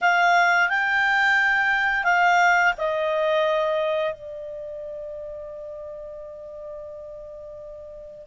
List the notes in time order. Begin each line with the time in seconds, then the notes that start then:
0.01 F5
0.69 G5
2.04 F5
2.77 D#5
4.14 D5